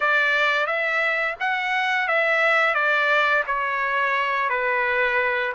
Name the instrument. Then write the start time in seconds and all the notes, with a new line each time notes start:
trumpet
0.00 D5
0.66 E5
1.39 F#5
2.08 E5
2.74 D5
3.46 C#5
4.49 B4